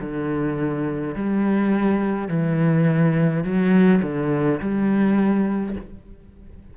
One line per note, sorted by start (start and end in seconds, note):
0.00 1.15 D3
1.15 2.28 G3
2.28 3.44 E3
3.44 4.01 F#3
4.02 4.59 D3
4.60 5.75 G3